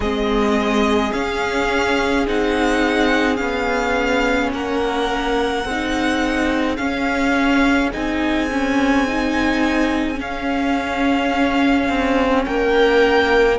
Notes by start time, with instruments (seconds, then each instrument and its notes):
0.00 cello G#3, viola C4, violin G#4 D#5
1.12 cello C#4, viola C#4, violin F5
2.26 cello C4, viola D#4, violin F#5
3.36 cello B3, viola C#4, violin F5
4.52 cello A#3, violin A#4 F#5
5.64 cello C4, viola D#4, violin G#4
6.76 viola C#4, cello C#4, violin F5
7.92 cello C4, viola D#4, violin G#5
8.51 viola C#4
9.07 viola D#4
10.14 viola C#4, cello C#4
10.20 violin F5
11.88 cello C4
12.45 cello A#3, violin A#4 G5